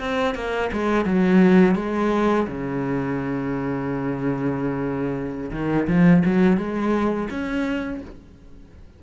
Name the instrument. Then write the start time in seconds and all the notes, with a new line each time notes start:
cello
0.00 C4
0.35 A#3
0.73 G#3
1.06 F#3
1.76 G#3
2.47 C#3
5.52 D#3
5.88 F3
6.26 F#3
6.58 G#3
7.31 C#4